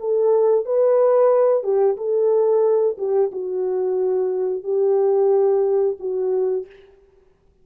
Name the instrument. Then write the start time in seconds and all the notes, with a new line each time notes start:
horn
0.00 A4
0.65 B4
1.63 G4
1.97 A4
2.98 G4
3.32 F#4
4.64 G4
6.00 F#4